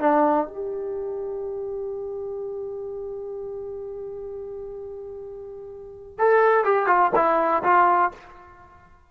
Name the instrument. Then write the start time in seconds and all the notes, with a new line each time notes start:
trombone
0.00 D4
0.47 G4
6.19 A4
6.65 G4
6.87 F4
7.15 E4
7.64 F4